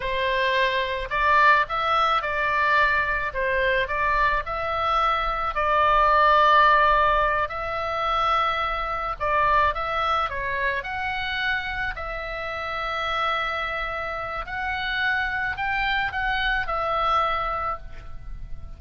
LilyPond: \new Staff \with { instrumentName = "oboe" } { \time 4/4 \tempo 4 = 108 c''2 d''4 e''4 | d''2 c''4 d''4 | e''2 d''2~ | d''4. e''2~ e''8~ |
e''8 d''4 e''4 cis''4 fis''8~ | fis''4. e''2~ e''8~ | e''2 fis''2 | g''4 fis''4 e''2 | }